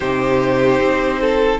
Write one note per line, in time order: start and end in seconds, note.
0.00 0.79 C3
0.00 1.59 D#4
0.00 1.19 G4
0.00 1.59 C5
0.79 1.59 C4
1.20 1.59 A4